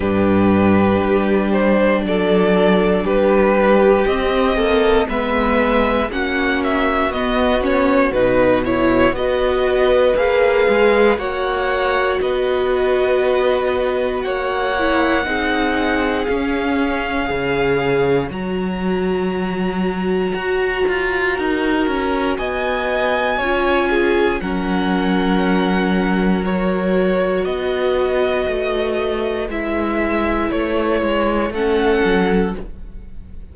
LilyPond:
<<
  \new Staff \with { instrumentName = "violin" } { \time 4/4 \tempo 4 = 59 b'4. c''8 d''4 b'4 | dis''4 e''4 fis''8 e''8 dis''8 cis''8 | b'8 cis''8 dis''4 f''4 fis''4 | dis''2 fis''2 |
f''2 ais''2~ | ais''2 gis''2 | fis''2 cis''4 dis''4~ | dis''4 e''4 cis''4 fis''4 | }
  \new Staff \with { instrumentName = "violin" } { \time 4/4 g'2 a'4 g'4~ | g'8 a'8 b'4 fis'2~ | fis'4 b'2 cis''4 | b'2 cis''4 gis'4~ |
gis'4 cis''2.~ | cis''4 ais'4 dis''4 cis''8 gis'8 | ais'2. b'4~ | b'2. a'4 | }
  \new Staff \with { instrumentName = "viola" } { \time 4/4 d'1 | c'4 b4 cis'4 b8 cis'8 | dis'8 e'8 fis'4 gis'4 fis'4~ | fis'2~ fis'8 e'8 dis'4 |
cis'4 gis'4 fis'2~ | fis'2. f'4 | cis'2 fis'2~ | fis'4 e'2 cis'4 | }
  \new Staff \with { instrumentName = "cello" } { \time 4/4 g,4 g4 fis4 g4 | c'8 ais8 gis4 ais4 b4 | b,4 b4 ais8 gis8 ais4 | b2 ais4 c'4 |
cis'4 cis4 fis2 | fis'8 f'8 dis'8 cis'8 b4 cis'4 | fis2. b4 | a4 gis4 a8 gis8 a8 fis8 | }
>>